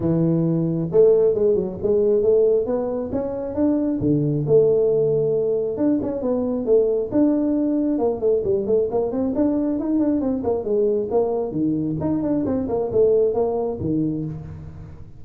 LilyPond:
\new Staff \with { instrumentName = "tuba" } { \time 4/4 \tempo 4 = 135 e2 a4 gis8 fis8 | gis4 a4 b4 cis'4 | d'4 d4 a2~ | a4 d'8 cis'8 b4 a4 |
d'2 ais8 a8 g8 a8 | ais8 c'8 d'4 dis'8 d'8 c'8 ais8 | gis4 ais4 dis4 dis'8 d'8 | c'8 ais8 a4 ais4 dis4 | }